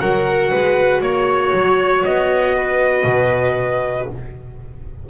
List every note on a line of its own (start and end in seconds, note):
0.00 0.53 F#3
0.00 4.08 F#4
0.00 0.51 A#4
0.00 1.02 F#5
0.51 1.01 G#3
0.51 1.02 B4
1.01 1.52 A#3
1.01 2.04 C#5
1.01 2.55 C#5
1.53 2.04 F#3
2.04 3.04 B3
2.04 4.08 D#5
2.57 4.10 B4
3.04 4.06 B2